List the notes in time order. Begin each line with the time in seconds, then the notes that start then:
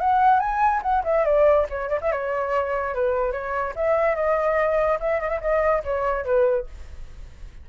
0.00 F#5
0.40 G#5
0.82 F#5
1.04 E5
1.25 D5
1.70 C#5
1.89 D5
2.01 E5
2.12 C#5
2.95 B4
3.32 C#5
3.76 E5
4.16 D#5
5.00 E5
5.20 D#5
5.29 E5
5.41 D#5
5.84 C#5
6.25 B4